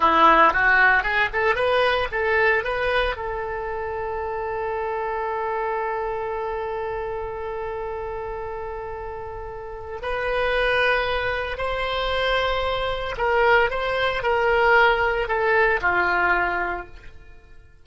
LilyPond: \new Staff \with { instrumentName = "oboe" } { \time 4/4 \tempo 4 = 114 e'4 fis'4 gis'8 a'8 b'4 | a'4 b'4 a'2~ | a'1~ | a'1~ |
a'2. b'4~ | b'2 c''2~ | c''4 ais'4 c''4 ais'4~ | ais'4 a'4 f'2 | }